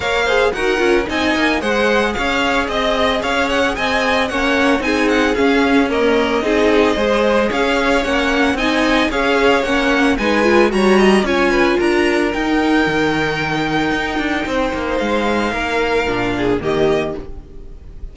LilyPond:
<<
  \new Staff \with { instrumentName = "violin" } { \time 4/4 \tempo 4 = 112 f''4 fis''4 gis''4 fis''4 | f''4 dis''4 f''8 fis''8 gis''4 | fis''4 gis''8 fis''8 f''4 dis''4~ | dis''2 f''4 fis''4 |
gis''4 f''4 fis''4 gis''4 | ais''4 gis''4 ais''4 g''4~ | g''1 | f''2. dis''4 | }
  \new Staff \with { instrumentName = "violin" } { \time 4/4 cis''8 c''8 ais'4 dis''4 c''4 | cis''4 dis''4 cis''4 dis''4 | cis''4 gis'2 ais'4 | gis'4 c''4 cis''2 |
dis''4 cis''2 b'4 | cis''8 dis''8 cis''8 b'8 ais'2~ | ais'2. c''4~ | c''4 ais'4. gis'8 g'4 | }
  \new Staff \with { instrumentName = "viola" } { \time 4/4 ais'8 gis'8 fis'8 f'8 dis'4 gis'4~ | gis'1 | cis'4 dis'4 cis'4 ais4 | dis'4 gis'2 cis'4 |
dis'4 gis'4 cis'4 dis'8 f'8 | fis'4 f'2 dis'4~ | dis'1~ | dis'2 d'4 ais4 | }
  \new Staff \with { instrumentName = "cello" } { \time 4/4 ais4 dis'8 cis'8 c'8 ais8 gis4 | cis'4 c'4 cis'4 c'4 | ais4 c'4 cis'2 | c'4 gis4 cis'4 ais4 |
c'4 cis'4 ais4 gis4 | g4 cis'4 d'4 dis'4 | dis2 dis'8 d'8 c'8 ais8 | gis4 ais4 ais,4 dis4 | }
>>